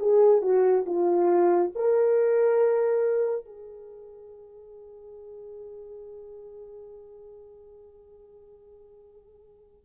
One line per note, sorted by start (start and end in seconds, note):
0.00 0.42 G#4
0.42 0.85 F#4
0.86 1.72 F4
1.75 3.46 A#4
3.46 9.85 G#4